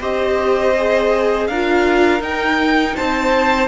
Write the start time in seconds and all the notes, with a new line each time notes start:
0.00 C4 G4 C5 D#5
0.77 G#4
1.48 D4 F4 A#4 F5
2.21 D#4 G5
2.96 C4 C5 A5